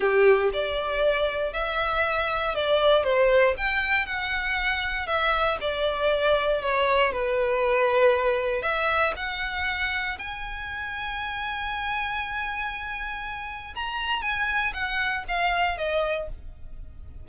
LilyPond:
\new Staff \with { instrumentName = "violin" } { \time 4/4 \tempo 4 = 118 g'4 d''2 e''4~ | e''4 d''4 c''4 g''4 | fis''2 e''4 d''4~ | d''4 cis''4 b'2~ |
b'4 e''4 fis''2 | gis''1~ | gis''2. ais''4 | gis''4 fis''4 f''4 dis''4 | }